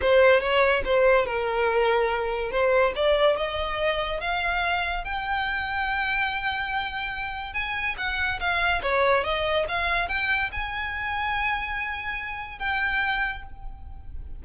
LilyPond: \new Staff \with { instrumentName = "violin" } { \time 4/4 \tempo 4 = 143 c''4 cis''4 c''4 ais'4~ | ais'2 c''4 d''4 | dis''2 f''2 | g''1~ |
g''2 gis''4 fis''4 | f''4 cis''4 dis''4 f''4 | g''4 gis''2.~ | gis''2 g''2 | }